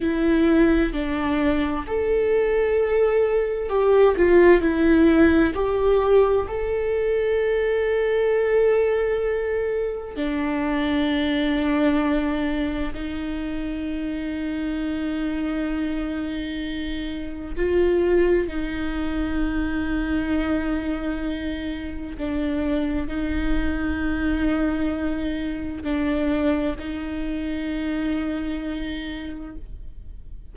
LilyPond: \new Staff \with { instrumentName = "viola" } { \time 4/4 \tempo 4 = 65 e'4 d'4 a'2 | g'8 f'8 e'4 g'4 a'4~ | a'2. d'4~ | d'2 dis'2~ |
dis'2. f'4 | dis'1 | d'4 dis'2. | d'4 dis'2. | }